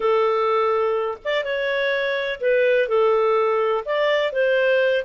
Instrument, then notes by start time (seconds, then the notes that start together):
clarinet
0.00 A4
1.24 D5
1.44 C#5
2.40 B4
2.88 A4
3.85 D5
4.32 C5